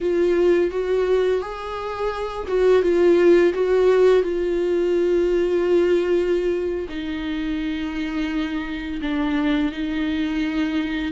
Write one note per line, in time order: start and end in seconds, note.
0.01 0.71 F4
0.71 1.41 F#4
1.41 2.47 G#4
2.47 2.82 F#4
2.82 3.53 F4
3.53 4.22 F#4
4.22 6.87 F4
6.88 9.00 D#4
9.01 9.72 D4
9.72 11.12 D#4